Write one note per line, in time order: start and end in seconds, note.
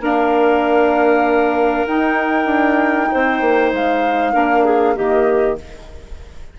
0.00 1.86 A#3
0.00 1.86 D4
0.00 3.11 A#4
0.00 1.87 F5
1.87 2.46 D#4
1.87 4.34 D#4
1.87 3.73 G5
2.46 3.08 D4
3.12 3.41 C4
3.12 4.34 C5
3.41 3.72 A#3
3.73 4.35 G#3
3.73 4.97 F5
4.34 4.97 A#3
4.34 4.95 D4
4.34 4.65 A#4
4.65 4.96 G#4
4.96 5.60 D#3
4.96 5.58 A#3
4.96 5.58 G4
4.96 5.58 D#5